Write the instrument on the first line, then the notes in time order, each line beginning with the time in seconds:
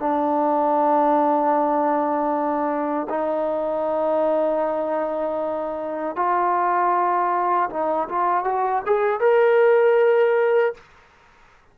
trombone
0.00 D4
3.10 D#4
6.16 F4
7.70 D#4
8.09 F4
8.45 F#4
8.86 G#4
9.21 A#4